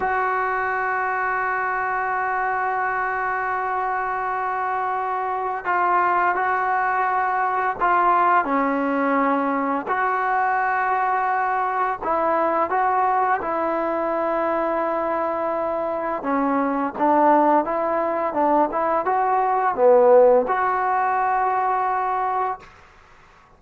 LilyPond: \new Staff \with { instrumentName = "trombone" } { \time 4/4 \tempo 4 = 85 fis'1~ | fis'1 | f'4 fis'2 f'4 | cis'2 fis'2~ |
fis'4 e'4 fis'4 e'4~ | e'2. cis'4 | d'4 e'4 d'8 e'8 fis'4 | b4 fis'2. | }